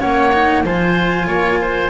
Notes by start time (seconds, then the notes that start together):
0.00 A#3 C#4 C#5 F#5
0.33 D#4
0.64 F3 F4 C5 G#5
1.27 A#3 C#5
1.61 C5